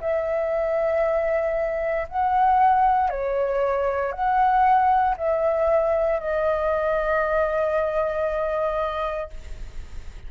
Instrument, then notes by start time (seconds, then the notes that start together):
flute
0.00 E5
2.08 F#5
3.09 C#5
4.12 F#5
5.17 E5
6.19 D#5